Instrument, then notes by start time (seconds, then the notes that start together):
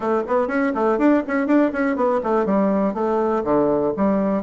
bassoon
0.00 A3
0.27 B3
0.47 C#4
0.74 A3
0.98 D4
1.27 C#4
1.46 D4
1.72 C#4
1.96 B3
2.23 A3
2.45 G3
2.94 A3
3.44 D3
3.96 G3